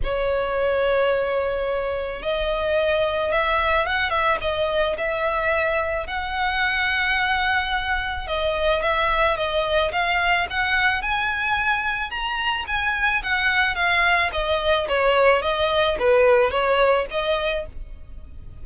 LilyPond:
\new Staff \with { instrumentName = "violin" } { \time 4/4 \tempo 4 = 109 cis''1 | dis''2 e''4 fis''8 e''8 | dis''4 e''2 fis''4~ | fis''2. dis''4 |
e''4 dis''4 f''4 fis''4 | gis''2 ais''4 gis''4 | fis''4 f''4 dis''4 cis''4 | dis''4 b'4 cis''4 dis''4 | }